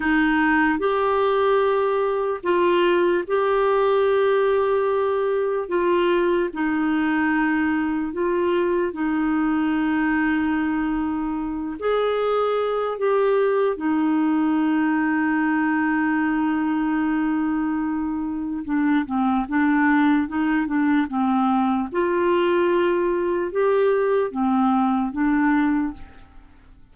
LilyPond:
\new Staff \with { instrumentName = "clarinet" } { \time 4/4 \tempo 4 = 74 dis'4 g'2 f'4 | g'2. f'4 | dis'2 f'4 dis'4~ | dis'2~ dis'8 gis'4. |
g'4 dis'2.~ | dis'2. d'8 c'8 | d'4 dis'8 d'8 c'4 f'4~ | f'4 g'4 c'4 d'4 | }